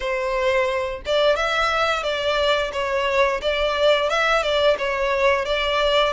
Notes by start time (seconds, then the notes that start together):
0.00 C5
1.05 D5
1.36 E5
2.03 D5
2.72 C#5
3.41 D5
4.09 E5
4.42 D5
4.78 C#5
5.45 D5